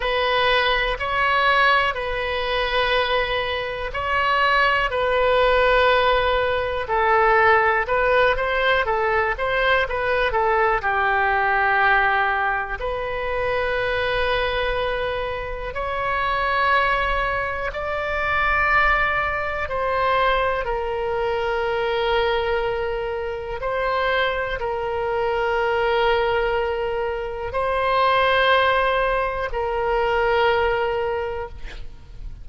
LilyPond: \new Staff \with { instrumentName = "oboe" } { \time 4/4 \tempo 4 = 61 b'4 cis''4 b'2 | cis''4 b'2 a'4 | b'8 c''8 a'8 c''8 b'8 a'8 g'4~ | g'4 b'2. |
cis''2 d''2 | c''4 ais'2. | c''4 ais'2. | c''2 ais'2 | }